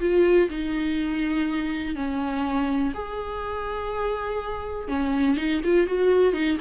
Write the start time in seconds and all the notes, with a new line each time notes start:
0.00 F4
0.50 D#4
1.95 C#4
2.94 G#4
4.88 C#4
5.37 D#4
5.64 F4
5.87 F#4
6.33 D#4